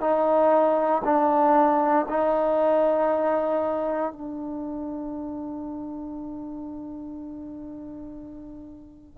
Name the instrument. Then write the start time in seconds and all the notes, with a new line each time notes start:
trombone
0.00 D#4
1.04 D4
2.09 D#4
4.12 D4